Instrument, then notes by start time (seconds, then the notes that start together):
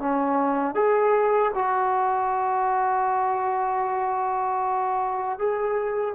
trombone
0.00 C#4
0.75 G#4
1.55 F#4
5.39 G#4